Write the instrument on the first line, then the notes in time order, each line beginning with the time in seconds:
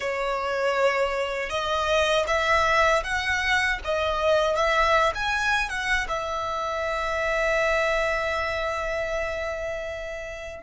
violin
0.00 C#5
1.49 D#5
2.27 E5
3.03 F#5
3.84 D#5
4.56 E5
5.14 G#5
5.69 F#5
6.08 E5